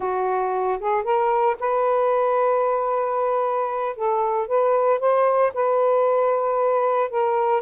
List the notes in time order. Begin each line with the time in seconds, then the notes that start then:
0.00 F#4
0.79 G#4
1.03 A#4
1.59 B4
3.95 A4
4.47 B4
4.99 C5
5.54 B4
7.10 A#4